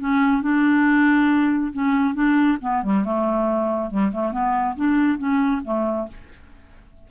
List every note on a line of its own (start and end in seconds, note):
0.00 0.42 C#4
0.42 1.72 D4
1.73 2.14 C#4
2.14 2.58 D4
2.61 2.83 B3
2.83 3.04 G3
3.04 3.90 A3
3.90 4.12 G3
4.12 4.32 A3
4.32 4.75 B3
4.76 5.18 D4
5.18 5.61 C#4
5.64 6.08 A3